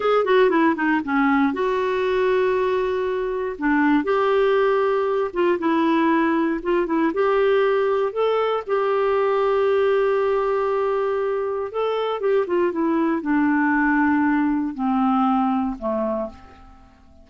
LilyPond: \new Staff \with { instrumentName = "clarinet" } { \time 4/4 \tempo 4 = 118 gis'8 fis'8 e'8 dis'8 cis'4 fis'4~ | fis'2. d'4 | g'2~ g'8 f'8 e'4~ | e'4 f'8 e'8 g'2 |
a'4 g'2.~ | g'2. a'4 | g'8 f'8 e'4 d'2~ | d'4 c'2 a4 | }